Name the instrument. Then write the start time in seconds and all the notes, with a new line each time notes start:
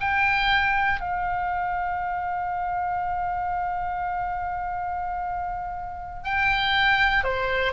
oboe
0.00 G5
1.00 F5
6.24 G5
7.24 C5